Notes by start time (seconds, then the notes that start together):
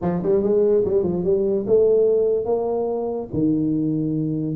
0.01 F3
0.23 G3
0.42 G#3
0.84 G3
1.03 F3
1.24 G3
1.66 A3
2.45 A#3
3.33 D#3